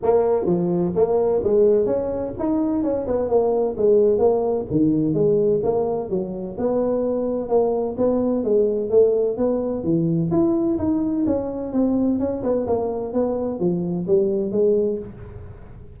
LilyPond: \new Staff \with { instrumentName = "tuba" } { \time 4/4 \tempo 4 = 128 ais4 f4 ais4 gis4 | cis'4 dis'4 cis'8 b8 ais4 | gis4 ais4 dis4 gis4 | ais4 fis4 b2 |
ais4 b4 gis4 a4 | b4 e4 e'4 dis'4 | cis'4 c'4 cis'8 b8 ais4 | b4 f4 g4 gis4 | }